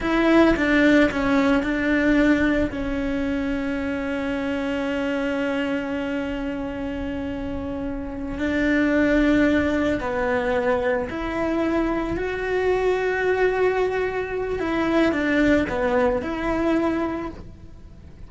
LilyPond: \new Staff \with { instrumentName = "cello" } { \time 4/4 \tempo 4 = 111 e'4 d'4 cis'4 d'4~ | d'4 cis'2.~ | cis'1~ | cis'2.~ cis'8 d'8~ |
d'2~ d'8 b4.~ | b8 e'2 fis'4.~ | fis'2. e'4 | d'4 b4 e'2 | }